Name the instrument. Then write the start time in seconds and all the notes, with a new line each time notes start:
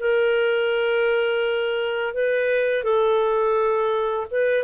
clarinet
0.00 A#4
2.14 B4
2.84 A4
4.31 B4